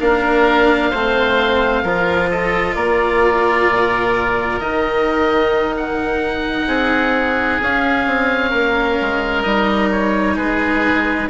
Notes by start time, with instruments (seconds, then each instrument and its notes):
0.00 bassoon A#3, cello D4, oboe A#4 F5
0.91 bassoon A3, cello C4, oboe C5
1.83 bassoon F3, cello F4, oboe A#4
2.31 oboe A4 D#5
2.76 bassoon A#3, oboe A#4 D5
3.70 bassoon A#2
4.60 bassoon D#3, cello D#4, oboe D#5
5.77 oboe F#5
6.67 bassoon C4, oboe G#4
7.62 bassoon C#4, cello C#4, oboe F5
8.07 bassoon C4
8.50 bassoon A#3, oboe A#4
9.01 bassoon G#3
9.43 bassoon G3, cello D#4, oboe D#5
9.92 oboe C#5
10.36 bassoon G#3, oboe G#4 B4